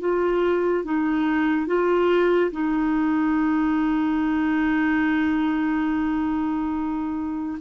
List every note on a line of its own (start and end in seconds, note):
0.00 0.85 F4
0.85 1.67 D#4
1.67 2.51 F4
2.51 7.58 D#4